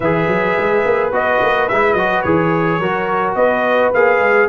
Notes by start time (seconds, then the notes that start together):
0.00 E3 G#4 B4 E5
0.27 F#3
0.57 G#3
0.85 A#3
1.11 B3 F#4 D#5
1.41 A#3
1.68 G#3 E4 E5
1.93 F#3 F#4 D#5
2.22 E3 G#4 C#5
2.79 F#3 F#4 A#4
3.35 B3 B4 D#5
3.93 A#3 G#4 F5
4.19 G#3